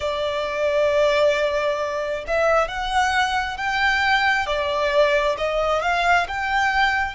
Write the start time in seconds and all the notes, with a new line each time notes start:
0.00 D5
2.27 E5
2.68 F#5
3.57 G5
4.46 D5
5.37 D#5
5.82 F5
6.28 G5